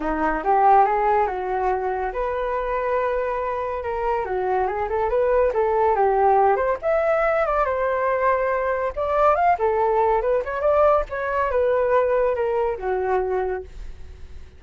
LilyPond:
\new Staff \with { instrumentName = "flute" } { \time 4/4 \tempo 4 = 141 dis'4 g'4 gis'4 fis'4~ | fis'4 b'2.~ | b'4 ais'4 fis'4 gis'8 a'8 | b'4 a'4 g'4. c''8 |
e''4. d''8 c''2~ | c''4 d''4 f''8 a'4. | b'8 cis''8 d''4 cis''4 b'4~ | b'4 ais'4 fis'2 | }